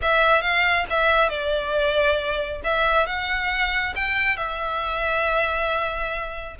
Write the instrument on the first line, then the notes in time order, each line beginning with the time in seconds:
violin
0.01 E5
0.41 F5
0.90 E5
1.29 D5
2.64 E5
3.06 F#5
3.95 G5
4.36 E5